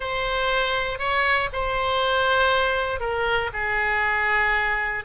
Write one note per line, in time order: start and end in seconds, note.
0.00 0.99 C5
0.99 1.49 C#5
1.52 3.00 C5
3.00 3.50 A#4
3.53 5.04 G#4